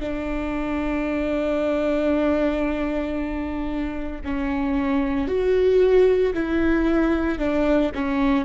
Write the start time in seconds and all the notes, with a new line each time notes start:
0.00 D4
4.23 C#4
5.28 F#4
6.33 E4
7.38 D4
7.94 C#4